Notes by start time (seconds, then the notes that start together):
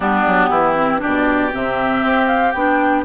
0.00 G3 B3 D4 G4
0.26 F#3
0.49 E3 E4
0.75 C4
0.99 B2 D4 G4 D5
1.52 C3 C4 E5
2.03 C4
2.27 F5
2.51 B3 D4 G5